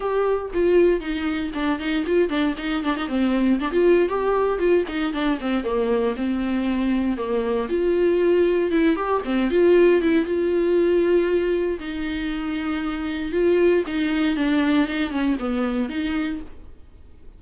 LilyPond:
\new Staff \with { instrumentName = "viola" } { \time 4/4 \tempo 4 = 117 g'4 f'4 dis'4 d'8 dis'8 | f'8 d'8 dis'8 d'16 dis'16 c'4 d'16 f'8. | g'4 f'8 dis'8 d'8 c'8 ais4 | c'2 ais4 f'4~ |
f'4 e'8 g'8 c'8 f'4 e'8 | f'2. dis'4~ | dis'2 f'4 dis'4 | d'4 dis'8 cis'8 b4 dis'4 | }